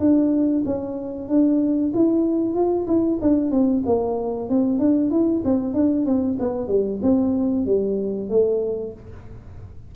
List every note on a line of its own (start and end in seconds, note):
0.00 0.64 D4
0.66 1.29 C#4
1.29 1.93 D4
1.94 2.55 E4
2.55 2.87 F4
2.88 3.19 E4
3.22 3.52 D4
3.52 3.84 C4
3.86 4.50 A#3
4.50 4.80 C4
4.80 5.11 D4
5.11 5.43 E4
5.45 5.74 C4
5.74 6.06 D4
6.06 6.38 C4
6.40 6.68 B3
6.68 7.00 G3
7.03 7.66 C4
7.66 8.30 G3
8.30 8.94 A3